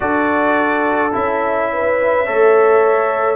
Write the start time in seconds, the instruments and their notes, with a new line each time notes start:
0.00 tuba D4, trombone F#4, horn A4, trumpet D5
1.12 tuba C#4, trombone E4, trumpet E5
1.72 horn B4
2.26 tuba A3, trombone A4, horn C#5